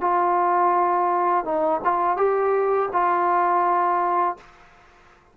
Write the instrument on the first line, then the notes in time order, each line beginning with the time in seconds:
trombone
0.00 F4
1.44 D#4
1.84 F4
2.17 G4
2.92 F4